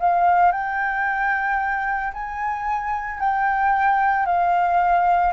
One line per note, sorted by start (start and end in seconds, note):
0.00 0.52 F5
0.52 2.13 G5
2.13 3.20 G#5
3.20 4.26 G5
4.26 5.33 F5